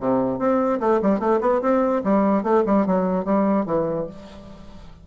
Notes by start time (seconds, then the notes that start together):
0.00 C3
0.39 C4
0.80 A3
1.02 G3
1.19 A3
1.40 B3
1.61 C4
2.04 G3
2.43 A3
2.66 G3
2.86 F#3
3.25 G3
3.65 E3